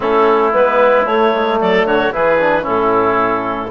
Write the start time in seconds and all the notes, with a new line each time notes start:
0.00 A3 C#4 E4 A4
0.52 G#3 B3 B4
1.06 A3 C#5
1.33 G#3
1.60 F#3 A4 D5
1.85 D3 F#4 C#5
2.12 E3 E4 G#4 B4
2.39 D4
2.62 A2 C#4 E4 A4